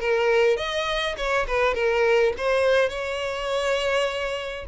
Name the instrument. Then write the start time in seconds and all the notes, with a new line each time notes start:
violin
0.00 A#4
0.57 D#5
1.17 C#5
1.47 B4
1.75 A#4
2.37 C5
2.89 C#5